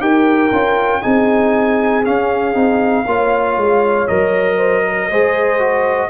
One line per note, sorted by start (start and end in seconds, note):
0.00 0.51 D#4
0.00 0.51 G4
0.00 1.02 A#4
0.00 1.02 G5
0.52 1.03 C#4
0.52 1.01 F4
1.01 2.06 C4
1.01 2.03 D#4
1.01 3.05 G#4
1.01 2.04 G#5
2.04 2.54 C#4
2.04 2.55 C#4
2.04 4.07 F5
2.54 3.06 C4
2.54 3.05 D#4
3.06 3.57 A#3
3.06 4.08 F4
3.06 4.57 C#5
3.57 4.08 G#3
4.07 5.11 F#3
4.07 5.10 A#4
4.07 6.10 D#5
4.57 4.82 C5
4.86 5.10 A#4
5.10 6.10 G#3
5.10 5.59 G#4
5.10 6.10 C5
5.59 6.10 F#4